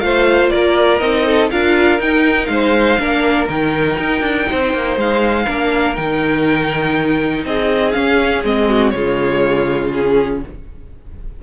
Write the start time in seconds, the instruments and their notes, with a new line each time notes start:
0.00 cello A3, viola F4, violin C5 F5
0.50 cello A#3, violin A#4 D5
0.99 cello C4, viola D#4, violin D#5
1.26 violin A4
1.51 cello D4, viola F4, violin A#4 F5
2.00 cello D#4, viola D#4, violin G5
2.46 cello G#3, violin C5 F5
2.99 cello A#3, viola D4, violin A#4
3.48 cello D#3, viola D#4, violin G5
3.99 cello D#4
4.21 cello D4
4.51 cello C4, violin C5
4.74 cello A#3
4.97 cello G#3, violin F5
5.46 cello A#3, viola D4, violin A#4
5.96 cello D#3, viola D#4, violin G5
7.45 cello C4, violin G#4 D#5
7.92 viola C#4, cello C#4, violin F5
8.45 cello G#3, viola C4, violin D#5
8.69 violin F#4
8.90 cello C#3, viola G#3, violin F4 C#5
9.93 viola C#4, violin G#4